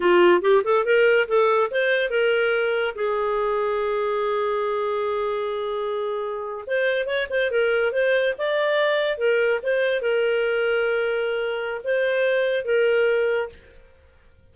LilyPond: \new Staff \with { instrumentName = "clarinet" } { \time 4/4 \tempo 4 = 142 f'4 g'8 a'8 ais'4 a'4 | c''4 ais'2 gis'4~ | gis'1~ | gis'2.~ gis'8. c''16~ |
c''8. cis''8 c''8 ais'4 c''4 d''16~ | d''4.~ d''16 ais'4 c''4 ais'16~ | ais'1 | c''2 ais'2 | }